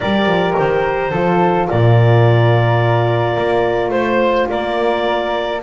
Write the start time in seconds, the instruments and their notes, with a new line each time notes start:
0.00 double bass G3, horn G4, flute A#4, clarinet D5
0.26 double bass F3
0.57 double bass D#3, clarinet C5
1.10 double bass F3, horn F4, flute A4
1.68 double bass A#2, flute A#4, clarinet D5
3.36 double bass A#3
3.89 double bass A3, flute C5, clarinet C5
4.49 double bass A#3, flute A#4, clarinet D5